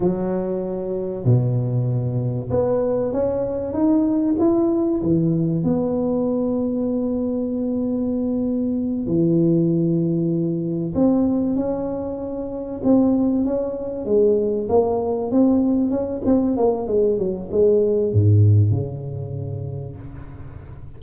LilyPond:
\new Staff \with { instrumentName = "tuba" } { \time 4/4 \tempo 4 = 96 fis2 b,2 | b4 cis'4 dis'4 e'4 | e4 b2.~ | b2~ b8 e4.~ |
e4. c'4 cis'4.~ | cis'8 c'4 cis'4 gis4 ais8~ | ais8 c'4 cis'8 c'8 ais8 gis8 fis8 | gis4 gis,4 cis2 | }